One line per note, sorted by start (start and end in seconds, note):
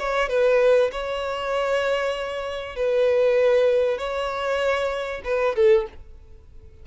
0.00 0.29 C#5
0.29 0.91 B4
0.92 2.77 C#5
2.77 3.98 B4
3.98 5.22 C#5
5.25 5.56 B4
5.56 5.87 A4